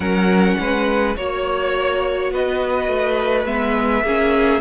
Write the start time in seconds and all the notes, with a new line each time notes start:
0.00 F#3 C#4 A#4 F#5
0.59 G#3 B4
1.16 A#3 F#4 C#5
2.31 B3 B4 D#5
2.88 A3
3.45 G#3 B3 E5
4.03 A#3 C#4 G#4